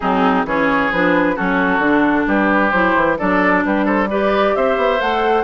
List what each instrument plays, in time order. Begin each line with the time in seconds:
0.00 bassoon F#3, clarinet C4, oboe D#4, flute G#4
0.44 bassoon E3, clarinet C#4, oboe G#4, flute C#5
0.91 bassoon F3, clarinet D4, flute B4
1.35 bassoon F#3, clarinet C#4, oboe F#4, flute A4
1.79 bassoon D3, clarinet D4
2.27 bassoon G3, oboe G4, flute B4
2.70 bassoon F#3, clarinet E4, flute C5
2.95 bassoon E3
3.18 bassoon F#3, clarinet D4, oboe A4, flute D5
3.64 bassoon G3, oboe G4, flute B4
3.85 oboe A4, flute C5
4.09 clarinet G4, oboe B4, flute D5
4.55 bassoon C4, oboe C5, flute E5
4.76 bassoon B3
4.99 bassoon A3, clarinet A4, flute F#5